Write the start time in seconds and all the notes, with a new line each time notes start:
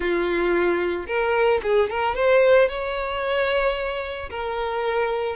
0.00 F4
1.07 A#4
1.62 G#4
1.89 A#4
2.15 C5
2.68 C#5
4.30 A#4